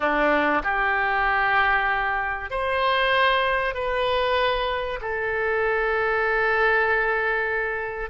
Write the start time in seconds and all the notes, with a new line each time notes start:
0.00 D4
0.63 G4
2.50 C5
3.74 B4
5.01 A4